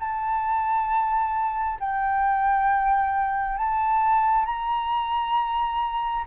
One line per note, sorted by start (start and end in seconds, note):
0.00 1.79 A5
1.80 3.58 G5
3.58 4.46 A5
4.46 6.25 A#5